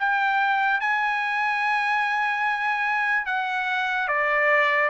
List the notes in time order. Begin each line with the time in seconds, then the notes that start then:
0.00 G5
0.81 G#5
3.27 F#5
4.08 D5